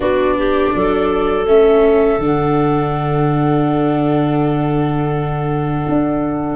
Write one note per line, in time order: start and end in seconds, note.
0.00 0.71 B3
0.00 1.45 D4
0.00 0.35 F#4
0.00 1.46 D5
0.37 0.74 G4
0.75 1.46 F#3
0.75 6.56 A4
1.46 2.18 A3
1.46 2.20 C#4
1.46 2.20 E5
2.18 5.84 D3
2.18 6.56 D4
2.18 6.56 F#5
5.88 6.56 D4